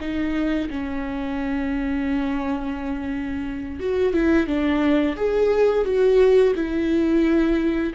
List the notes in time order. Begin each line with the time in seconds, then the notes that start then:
0.00 D#4
0.70 C#4
3.79 F#4
4.13 E4
4.47 D4
5.16 G#4
5.85 F#4
6.55 E4